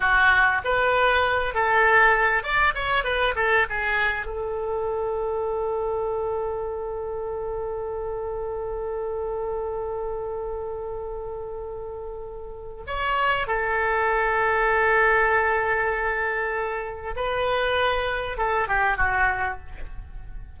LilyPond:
\new Staff \with { instrumentName = "oboe" } { \time 4/4 \tempo 4 = 98 fis'4 b'4. a'4. | d''8 cis''8 b'8 a'8 gis'4 a'4~ | a'1~ | a'1~ |
a'1~ | a'4 cis''4 a'2~ | a'1 | b'2 a'8 g'8 fis'4 | }